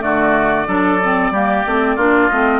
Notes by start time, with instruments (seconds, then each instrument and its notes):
0.00 bassoon D3, clarinet A3, oboe F#4, flute D5
0.67 bassoon F#3, clarinet D4, oboe A4
1.03 clarinet C4
1.31 bassoon G3, clarinet A#3, oboe G4
1.65 bassoon A3, clarinet C4
1.95 bassoon A#3, clarinet D4, oboe F4
2.28 bassoon A3, clarinet C4, flute D#5